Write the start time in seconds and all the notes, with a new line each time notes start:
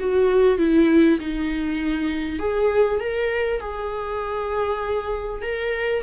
0.00 F#4
0.59 E4
1.20 D#4
2.40 G#4
3.00 A#4
3.61 G#4
5.42 A#4